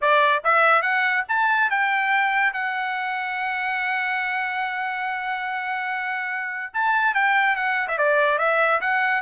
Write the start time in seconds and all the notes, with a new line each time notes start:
0.01 D5
0.44 E5
0.81 F#5
1.28 A5
1.70 G5
2.53 F#5
6.73 A5
7.14 G5
7.56 F#5
7.88 E5
7.98 D5
8.38 E5
8.80 F#5